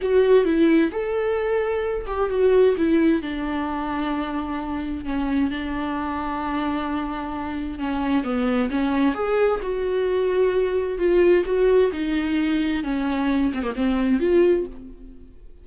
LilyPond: \new Staff \with { instrumentName = "viola" } { \time 4/4 \tempo 4 = 131 fis'4 e'4 a'2~ | a'8 g'8 fis'4 e'4 d'4~ | d'2. cis'4 | d'1~ |
d'4 cis'4 b4 cis'4 | gis'4 fis'2. | f'4 fis'4 dis'2 | cis'4. c'16 ais16 c'4 f'4 | }